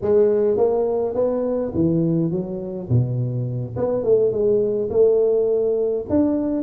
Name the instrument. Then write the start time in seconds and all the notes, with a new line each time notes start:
tuba
0.01 G#3
0.57 A#3
1.14 B3
1.74 E3
2.31 F#3
2.89 B2
3.76 B3
4.03 A3
4.32 G#3
4.90 A3
6.09 D4